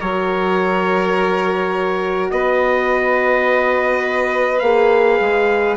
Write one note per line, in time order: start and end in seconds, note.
0.00 2.31 F#3
0.00 4.62 F#4
0.00 2.31 A#4
0.00 2.30 C#5
2.30 4.61 B3
2.30 5.77 B4
2.30 4.60 D#5
4.60 5.19 A#3
4.60 5.77 G#4
4.60 5.75 F5
5.20 5.77 G#3